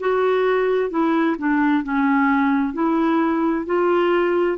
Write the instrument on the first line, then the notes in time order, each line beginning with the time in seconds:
clarinet
0.00 F#4
0.90 E4
1.38 D4
1.83 C#4
2.74 E4
3.66 F4